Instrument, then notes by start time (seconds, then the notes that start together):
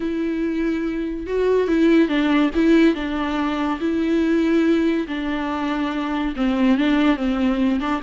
viola
0.00 E4
1.27 F#4
1.67 E4
2.08 D4
2.54 E4
2.94 D4
3.80 E4
5.07 D4
6.36 C4
6.77 D4
7.16 C4
7.80 D4